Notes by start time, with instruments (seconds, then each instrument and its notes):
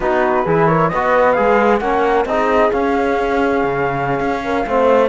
0.00 cello B3, trombone D#4, horn F#4, flute B4
0.45 cello E3, trombone E4, horn G#4
0.66 horn A#4, flute C#5
0.88 cello B3, trombone F#4, horn B4, flute D#5
1.32 cello G#3, trombone G#4, flute F5
1.79 cello A#3, trombone C#4, horn A#4, flute F#5
2.25 cello C4, trombone D#4, horn G#4, flute D#5
2.71 trombone C#4, cello C#4, flute F5
3.64 cello C#3
4.20 cello C#4
4.44 horn A#4
4.66 cello A3, trombone C4, horn C5